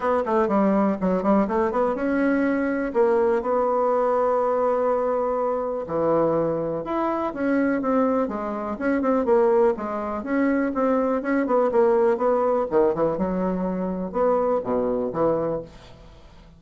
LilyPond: \new Staff \with { instrumentName = "bassoon" } { \time 4/4 \tempo 4 = 123 b8 a8 g4 fis8 g8 a8 b8 | cis'2 ais4 b4~ | b1 | e2 e'4 cis'4 |
c'4 gis4 cis'8 c'8 ais4 | gis4 cis'4 c'4 cis'8 b8 | ais4 b4 dis8 e8 fis4~ | fis4 b4 b,4 e4 | }